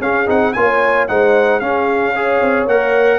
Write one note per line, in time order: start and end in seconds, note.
0.00 0.27 C#4
0.00 0.26 C#4
0.00 0.55 G#4
0.00 0.28 F5
0.26 0.55 C4
0.26 0.53 D#4
0.26 0.53 F#5
0.53 1.09 A#3
0.53 1.08 F4
0.53 1.09 C#5
0.53 1.06 G#5
1.08 1.61 G#3
1.08 1.61 D#4
1.08 1.61 C5
1.08 1.60 F#5
1.60 2.40 C#4
1.60 2.14 C#4
1.60 2.14 G#4
1.60 2.66 F5
2.14 2.68 G#4
2.14 3.18 C#5
2.41 2.66 C4
2.66 3.18 A#3
2.66 3.18 A#4
2.66 3.18 F#5